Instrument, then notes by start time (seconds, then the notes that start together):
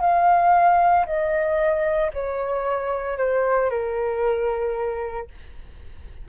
flute
0.00 F5
1.06 D#5
2.13 C#5
3.18 C5
3.70 A#4